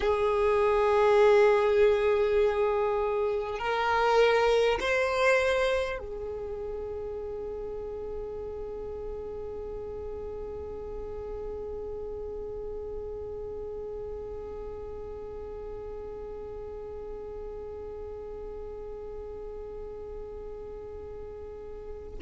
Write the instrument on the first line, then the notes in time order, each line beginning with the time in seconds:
violin
0.00 G#4
3.58 A#4
4.80 C5
5.98 G#4